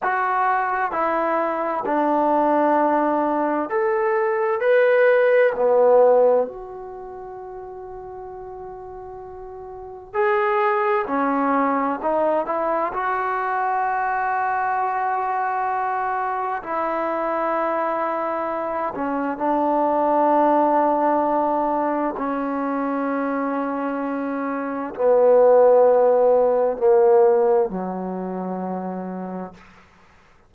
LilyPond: \new Staff \with { instrumentName = "trombone" } { \time 4/4 \tempo 4 = 65 fis'4 e'4 d'2 | a'4 b'4 b4 fis'4~ | fis'2. gis'4 | cis'4 dis'8 e'8 fis'2~ |
fis'2 e'2~ | e'8 cis'8 d'2. | cis'2. b4~ | b4 ais4 fis2 | }